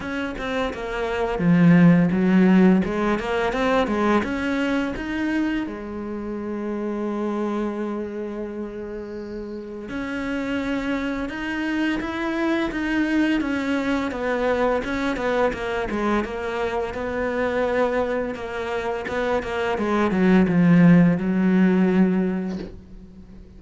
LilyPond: \new Staff \with { instrumentName = "cello" } { \time 4/4 \tempo 4 = 85 cis'8 c'8 ais4 f4 fis4 | gis8 ais8 c'8 gis8 cis'4 dis'4 | gis1~ | gis2 cis'2 |
dis'4 e'4 dis'4 cis'4 | b4 cis'8 b8 ais8 gis8 ais4 | b2 ais4 b8 ais8 | gis8 fis8 f4 fis2 | }